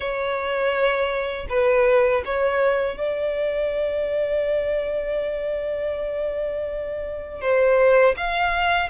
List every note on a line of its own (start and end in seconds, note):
0.00 1.46 C#5
1.49 2.23 B4
2.25 2.97 C#5
2.97 7.41 D5
7.41 8.15 C5
8.16 8.89 F5